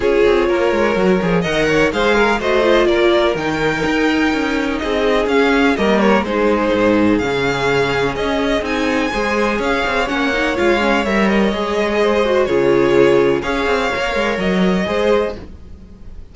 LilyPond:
<<
  \new Staff \with { instrumentName = "violin" } { \time 4/4 \tempo 4 = 125 cis''2. fis''4 | f''4 dis''4 d''4 g''4~ | g''2 dis''4 f''4 | dis''8 cis''8 c''2 f''4~ |
f''4 dis''4 gis''2 | f''4 fis''4 f''4 e''8 dis''8~ | dis''2 cis''2 | f''2 dis''2 | }
  \new Staff \with { instrumentName = "violin" } { \time 4/4 gis'4 ais'2 dis''8 cis''8 | c''8 ais'8 c''4 ais'2~ | ais'2 gis'2 | ais'4 gis'2.~ |
gis'2. c''4 | cis''1~ | cis''4 c''4 gis'2 | cis''2. c''4 | }
  \new Staff \with { instrumentName = "viola" } { \time 4/4 f'2 fis'8 gis'8 ais'4 | gis'4 fis'8 f'4. dis'4~ | dis'2. cis'4 | ais4 dis'2 cis'4~ |
cis'2 dis'4 gis'4~ | gis'4 cis'8 dis'8 f'8 cis'8 ais'4 | gis'4. fis'8 f'2 | gis'4 ais'2 gis'4 | }
  \new Staff \with { instrumentName = "cello" } { \time 4/4 cis'8 c'8 ais8 gis8 fis8 f8 dis4 | gis4 a4 ais4 dis4 | dis'4 cis'4 c'4 cis'4 | g4 gis4 gis,4 cis4~ |
cis4 cis'4 c'4 gis4 | cis'8 c'8 ais4 gis4 g4 | gis2 cis2 | cis'8 c'8 ais8 gis8 fis4 gis4 | }
>>